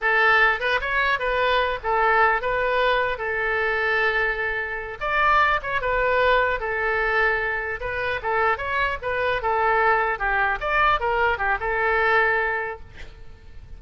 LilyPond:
\new Staff \with { instrumentName = "oboe" } { \time 4/4 \tempo 4 = 150 a'4. b'8 cis''4 b'4~ | b'8 a'4. b'2 | a'1~ | a'8 d''4. cis''8 b'4.~ |
b'8 a'2. b'8~ | b'8 a'4 cis''4 b'4 a'8~ | a'4. g'4 d''4 ais'8~ | ais'8 g'8 a'2. | }